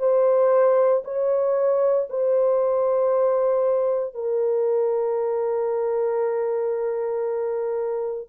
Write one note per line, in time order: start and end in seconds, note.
0.00 1.03 C5
1.05 2.08 C#5
2.10 4.15 C5
4.15 8.29 A#4